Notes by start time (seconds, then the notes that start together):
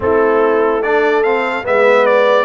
0.00 A3 C4 E4 A4
0.82 D4 A4 D5
1.23 C4 F5
1.63 G#3 B3 B4 E5
2.05 D5